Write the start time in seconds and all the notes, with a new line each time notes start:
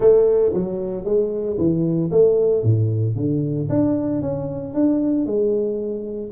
0.00 A3
0.53 F#3
1.04 G#3
1.58 E3
2.11 A3
2.63 A2
3.15 D3
3.69 D4
4.21 C#4
4.74 D4
5.25 G#3